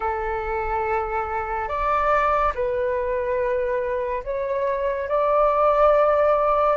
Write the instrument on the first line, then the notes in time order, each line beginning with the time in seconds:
flute
0.00 A4
1.68 D5
2.54 B4
4.24 C#5
5.08 D5